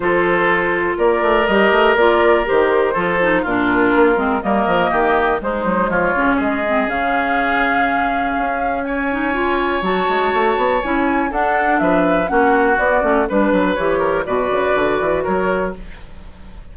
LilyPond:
<<
  \new Staff \with { instrumentName = "flute" } { \time 4/4 \tempo 4 = 122 c''2 d''4 dis''4 | d''4 c''2 ais'4~ | ais'4 dis''2 c''4 | cis''4 dis''4 f''2~ |
f''2 gis''2 | a''2 gis''4 fis''4 | e''4 fis''4 d''4 b'4 | cis''4 d''2 cis''4 | }
  \new Staff \with { instrumentName = "oboe" } { \time 4/4 a'2 ais'2~ | ais'2 a'4 f'4~ | f'4 ais'4 g'4 dis'4 | f'4 gis'2.~ |
gis'2 cis''2~ | cis''2. a'4 | b'4 fis'2 b'4~ | b'8 ais'8 b'2 ais'4 | }
  \new Staff \with { instrumentName = "clarinet" } { \time 4/4 f'2. g'4 | f'4 g'4 f'8 dis'8 d'4~ | d'8 c'8 ais2 gis4~ | gis8 cis'4 c'8 cis'2~ |
cis'2~ cis'8 dis'8 f'4 | fis'2 e'4 d'4~ | d'4 cis'4 b8 cis'8 d'4 | g'4 fis'2. | }
  \new Staff \with { instrumentName = "bassoon" } { \time 4/4 f2 ais8 a8 g8 a8 | ais4 dis4 f4 ais,4 | ais8 gis8 g8 f8 dis4 gis8 fis8 | f8 cis8 gis4 cis2~ |
cis4 cis'2. | fis8 gis8 a8 b8 cis'4 d'4 | f4 ais4 b8 a8 g8 fis8 | e4 b,8 cis8 d8 e8 fis4 | }
>>